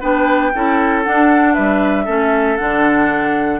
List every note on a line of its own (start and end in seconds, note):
0.00 0.53 B3
0.00 0.52 D4
0.00 0.51 B4
0.00 1.04 G5
0.55 1.06 C#4
0.55 1.05 E4
0.55 1.54 A4
1.04 2.06 D4
1.04 1.58 D4
1.04 1.54 F#5
1.54 2.07 G3
1.54 2.05 B4
1.54 2.57 E5
2.05 2.58 A3
2.05 2.58 C#4
2.05 3.59 A4
2.57 3.60 D3
2.57 3.60 D4
2.57 3.59 F#5